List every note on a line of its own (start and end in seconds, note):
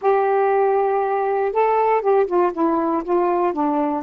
0.01 1.52 G4
1.52 2.01 A4
2.01 2.26 G4
2.26 2.52 F4
2.52 3.03 E4
3.04 3.53 F4
3.53 4.03 D4